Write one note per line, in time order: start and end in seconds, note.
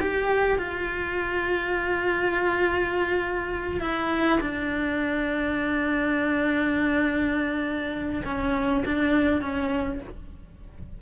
0.00 0.59 G4
0.59 3.81 F4
3.81 4.40 E4
4.41 8.23 D4
8.25 8.84 C#4
8.86 9.41 D4
9.41 10.00 C#4